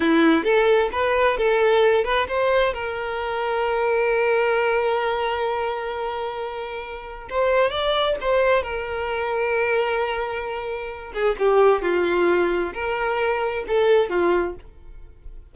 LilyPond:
\new Staff \with { instrumentName = "violin" } { \time 4/4 \tempo 4 = 132 e'4 a'4 b'4 a'4~ | a'8 b'8 c''4 ais'2~ | ais'1~ | ais'1 |
c''4 d''4 c''4 ais'4~ | ais'1~ | ais'8 gis'8 g'4 f'2 | ais'2 a'4 f'4 | }